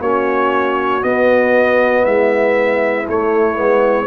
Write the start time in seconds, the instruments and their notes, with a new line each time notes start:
0.00 tuba A#3, trombone C#4, horn F#4, trumpet C#5
1.02 trombone B3, tuba B3, trumpet D#5
2.03 tuba G#3, horn E4, trumpet E5
3.08 tuba A3, trombone A3, trumpet C#5
3.55 tuba G#3, trombone B3